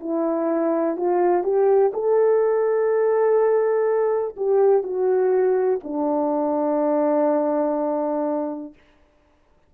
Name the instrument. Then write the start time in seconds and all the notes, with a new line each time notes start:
horn
0.00 E4
0.97 F4
1.43 G4
1.94 A4
4.37 G4
4.83 F#4
5.84 D4